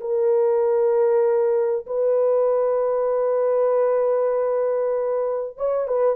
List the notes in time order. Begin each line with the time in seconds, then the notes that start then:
0.00 A#4
1.86 B4
5.57 C#5
5.87 B4